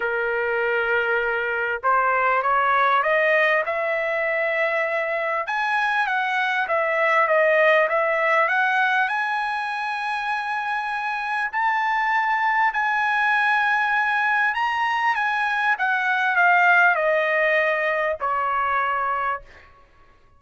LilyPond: \new Staff \with { instrumentName = "trumpet" } { \time 4/4 \tempo 4 = 99 ais'2. c''4 | cis''4 dis''4 e''2~ | e''4 gis''4 fis''4 e''4 | dis''4 e''4 fis''4 gis''4~ |
gis''2. a''4~ | a''4 gis''2. | ais''4 gis''4 fis''4 f''4 | dis''2 cis''2 | }